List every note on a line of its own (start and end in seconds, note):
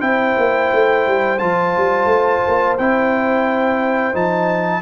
0.00 0.35 C4
0.00 1.38 E4
0.00 4.82 C5
0.00 1.38 G5
0.37 0.71 A#3
0.72 1.06 A3
1.06 1.41 G3
1.38 1.76 F3
1.38 2.78 F4
1.38 2.76 A5
1.77 2.05 G3
2.05 2.39 A3
2.47 2.79 A#3
2.77 4.14 C4
2.77 4.13 E4
2.77 4.15 G5
4.13 4.82 F3
4.13 4.82 D#4
4.13 4.82 A5